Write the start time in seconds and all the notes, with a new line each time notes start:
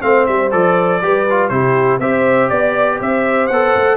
0.00 A3 C4 C5 F5
0.26 G3 E5
0.51 F3 A4 D5
1.02 G3 G4 B4
1.30 F4
1.48 C3 E4 G4 C5
1.99 C4 G4 C5 E5
2.49 B3 D5
2.99 C4 C5 E5
3.47 B3 A4 F#5
3.75 A3